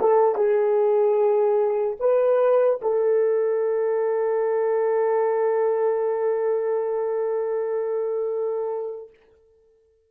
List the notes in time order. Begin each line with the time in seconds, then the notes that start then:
0.00 A4
0.35 G#4
2.00 B4
2.82 A4